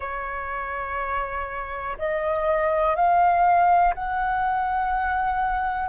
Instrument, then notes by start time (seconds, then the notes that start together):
flute
0.00 C#5
1.98 D#5
2.95 F5
3.94 F#5